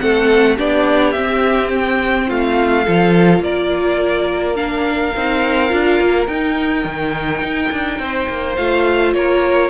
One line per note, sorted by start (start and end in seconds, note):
0.00 0.59 A3
0.00 0.57 C4
0.00 0.56 A4
0.00 0.57 F#5
0.56 1.16 B3
0.56 1.15 D4
0.56 2.27 G4
0.56 1.12 D5
1.12 2.87 C4
1.12 2.30 C4
1.12 1.69 E5
1.74 2.30 G5
2.28 2.88 A3
2.28 2.84 F4
2.28 3.44 F5
2.84 3.40 F3
2.84 4.56 F4
2.84 3.41 A4
3.40 5.12 A#3
3.40 8.02 A#4
3.40 4.57 D5
4.56 5.13 D4
4.56 6.28 F5
5.16 5.73 C4
5.16 5.70 D#4
5.70 6.01 D4
5.70 6.27 F4
6.01 6.28 A#3
6.28 6.85 D#4
6.28 8.58 D#4
6.28 8.56 G5
6.85 7.42 D#3
7.42 7.71 D#4
7.72 8.00 D4
8.00 8.28 C4
8.00 9.16 C5
8.29 8.58 A#3
8.57 9.15 A3
8.57 9.70 F4
8.57 9.14 F5
9.14 9.70 A#3
9.14 9.70 A#4
9.14 9.70 C#5